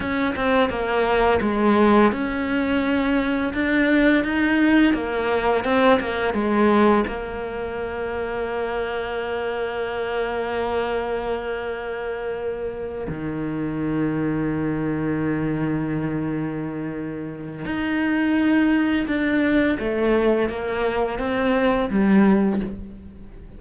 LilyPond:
\new Staff \with { instrumentName = "cello" } { \time 4/4 \tempo 4 = 85 cis'8 c'8 ais4 gis4 cis'4~ | cis'4 d'4 dis'4 ais4 | c'8 ais8 gis4 ais2~ | ais1~ |
ais2~ ais8 dis4.~ | dis1~ | dis4 dis'2 d'4 | a4 ais4 c'4 g4 | }